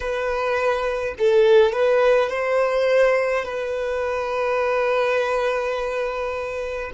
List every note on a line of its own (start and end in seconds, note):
0.00 1.14 B4
1.18 1.72 A4
1.72 2.29 B4
2.29 3.45 C5
3.45 6.91 B4